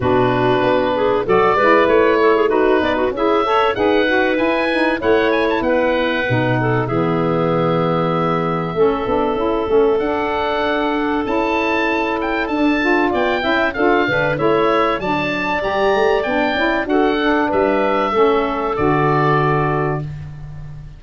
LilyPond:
<<
  \new Staff \with { instrumentName = "oboe" } { \time 4/4 \tempo 4 = 96 b'2 d''4 cis''4 | b'4 e''4 fis''4 gis''4 | fis''8 gis''16 a''16 fis''2 e''4~ | e''1 |
fis''2 a''4. g''8 | a''4 g''4 f''4 e''4 | a''4 ais''4 g''4 fis''4 | e''2 d''2 | }
  \new Staff \with { instrumentName = "clarinet" } { \time 4/4 fis'4. gis'8 a'8 b'4 a'16 gis'16 | fis'8 d''16 fis'16 gis'8 cis''8 b'2 | cis''4 b'4. a'8 gis'4~ | gis'2 a'2~ |
a'1~ | a'4 d''8 e''8 a'8 b'8 cis''4 | d''2. a'4 | b'4 a'2. | }
  \new Staff \with { instrumentName = "saxophone" } { \time 4/4 d'2 fis'8 e'4. | dis'4 e'8 a'8 gis'8 fis'8 e'8 dis'8 | e'2 dis'4 b4~ | b2 cis'8 d'8 e'8 cis'8 |
d'2 e'2 | d'8 f'4 e'8 f'8 d'8 e'4 | d'4 g'4 d'8 e'8 fis'8 d'8~ | d'4 cis'4 fis'2 | }
  \new Staff \with { instrumentName = "tuba" } { \time 4/4 b,4 b4 fis8 gis8 a4~ | a8 b8 cis'4 dis'4 e'4 | a4 b4 b,4 e4~ | e2 a8 b8 cis'8 a8 |
d'2 cis'2 | d'4 b8 cis'8 d'8 d8 a4 | fis4 g8 a8 b8 cis'8 d'4 | g4 a4 d2 | }
>>